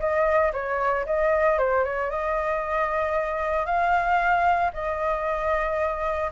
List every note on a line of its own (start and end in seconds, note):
0.00 0.53 D#5
0.53 1.06 C#5
1.06 1.59 D#5
1.59 1.85 C5
1.85 2.11 C#5
2.11 3.66 D#5
3.66 4.72 F5
4.74 6.32 D#5